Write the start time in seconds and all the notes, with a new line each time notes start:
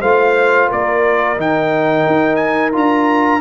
0.00 A3 F4 C5 F5
0.68 A#3 A#4 D5
1.37 D#3 D#4 G5
2.07 D#4
2.36 G#5
2.72 D4 F4 A#5